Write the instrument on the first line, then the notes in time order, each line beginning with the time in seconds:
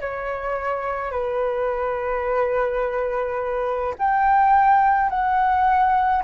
flute
0.00 C#5
1.11 B4
3.98 G5
5.09 F#5